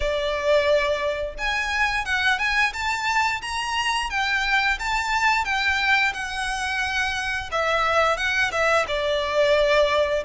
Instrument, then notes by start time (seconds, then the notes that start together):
violin
0.00 D5
1.38 G#5
2.05 F#5
2.38 G#5
2.73 A5
3.41 A#5
4.10 G5
4.79 A5
5.44 G5
6.13 F#5
7.51 E5
8.17 F#5
8.51 E5
8.87 D5